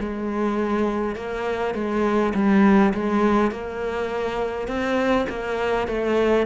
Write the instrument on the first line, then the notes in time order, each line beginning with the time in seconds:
cello
0.00 G#3
1.16 A#3
1.75 G#3
2.35 G3
2.95 G#3
3.52 A#3
4.68 C4
5.29 A#3
5.88 A3